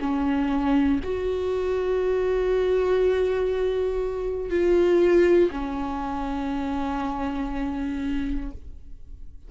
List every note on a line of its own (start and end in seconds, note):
0.00 1.00 C#4
1.04 4.50 F#4
4.50 5.50 F4
5.51 8.51 C#4